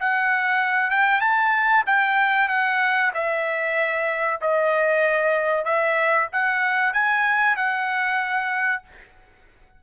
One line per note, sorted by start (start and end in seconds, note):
0.00 0.90 F#5
0.90 1.21 G5
1.21 1.84 A5
1.86 2.48 G5
2.48 3.11 F#5
3.14 4.40 E5
4.41 5.64 D#5
5.64 6.28 E5
6.32 6.93 F#5
6.93 7.56 G#5
7.56 8.83 F#5